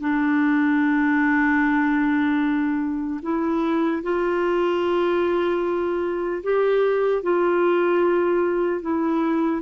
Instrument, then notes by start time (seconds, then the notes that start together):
clarinet
0.00 D4
3.22 E4
4.03 F4
6.43 G4
7.23 F4
8.81 E4